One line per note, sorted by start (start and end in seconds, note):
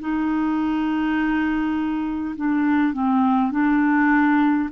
0.00 2.35 D#4
2.36 2.93 D4
2.93 3.51 C4
3.51 4.69 D4